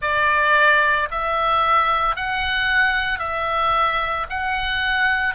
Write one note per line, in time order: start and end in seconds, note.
0.01 1.08 D5
1.11 2.16 E5
2.16 3.19 F#5
3.19 4.26 E5
4.29 5.34 F#5